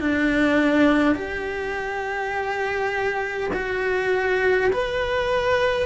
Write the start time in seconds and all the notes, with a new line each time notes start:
0.00 D4
1.15 G4
3.53 F#4
4.73 B4